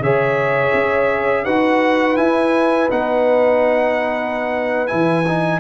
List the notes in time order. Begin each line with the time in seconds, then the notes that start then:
0.00 C#3 G#4 C#5 E5
0.74 C#4
1.45 D#4 F#4 B4 F#5
2.17 E4 G#5
2.90 B3 D#4 F#5
4.87 E3 E4 G#5
5.28 D#4